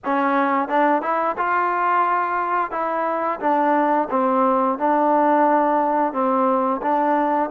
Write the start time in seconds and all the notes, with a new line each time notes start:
0.05 C#4
0.68 D4
1.01 E4
1.37 F4
2.71 E4
3.40 D4
4.10 C4
4.78 D4
6.12 C4
6.82 D4